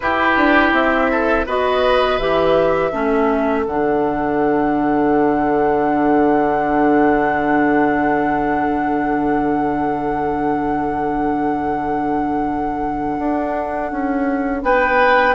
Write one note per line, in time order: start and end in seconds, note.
0.00 0.36 E4
0.00 1.47 E4
0.00 1.11 G4
0.00 0.73 B4
0.36 0.72 D4
0.72 1.45 C4
0.72 1.46 E5
1.11 1.46 A4
1.46 2.19 B3
1.46 2.19 F#4
1.46 2.91 B4
1.46 2.18 D#5
2.18 2.92 E3
2.18 2.91 G4
2.18 3.65 E5
2.91 3.65 A3
2.91 3.65 C#4
2.91 14.61 A4
3.66 13.18 D3
3.66 15.34 D4
3.66 14.63 F#5
13.18 13.91 D4
13.91 14.62 C#4
14.62 15.34 B3
14.62 15.34 B4
14.62 15.34 G5